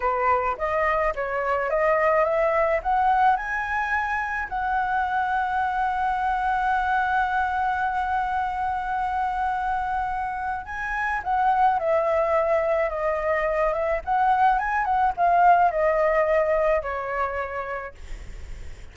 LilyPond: \new Staff \with { instrumentName = "flute" } { \time 4/4 \tempo 4 = 107 b'4 dis''4 cis''4 dis''4 | e''4 fis''4 gis''2 | fis''1~ | fis''1~ |
fis''2. gis''4 | fis''4 e''2 dis''4~ | dis''8 e''8 fis''4 gis''8 fis''8 f''4 | dis''2 cis''2 | }